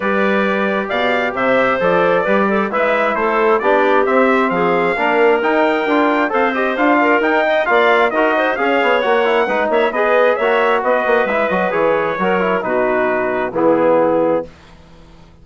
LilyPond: <<
  \new Staff \with { instrumentName = "trumpet" } { \time 4/4 \tempo 4 = 133 d''2 f''4 e''4 | d''2 e''4 c''4 | d''4 e''4 f''2 | g''2 f''8 dis''8 f''4 |
g''4 f''4 dis''4 f''4 | fis''4. e''8 dis''4 e''4 | dis''4 e''8 dis''8 cis''2 | b'2 gis'2 | }
  \new Staff \with { instrumentName = "clarinet" } { \time 4/4 b'2 d''4 c''4~ | c''4 b'8 a'8 b'4 a'4 | g'2 gis'4 ais'4~ | ais'2 c''4. ais'8~ |
ais'8 dis''8 d''4 ais'8 c''8 cis''4~ | cis''4 b'8 cis''8 b'4 cis''4 | b'2. ais'4 | fis'2 e'2 | }
  \new Staff \with { instrumentName = "trombone" } { \time 4/4 g'1 | a'4 g'4 e'2 | d'4 c'2 d'4 | dis'4 f'4 a'8 g'8 f'4 |
dis'4 f'4 fis'4 gis'4 | fis'8 e'8 dis'4 gis'4 fis'4~ | fis'4 e'8 fis'8 gis'4 fis'8 e'8 | dis'2 b2 | }
  \new Staff \with { instrumentName = "bassoon" } { \time 4/4 g2 b,4 c4 | f4 g4 gis4 a4 | b4 c'4 f4 ais4 | dis'4 d'4 c'4 d'4 |
dis'4 ais4 dis'4 cis'8 b8 | ais4 gis8 ais8 b4 ais4 | b8 ais8 gis8 fis8 e4 fis4 | b,2 e2 | }
>>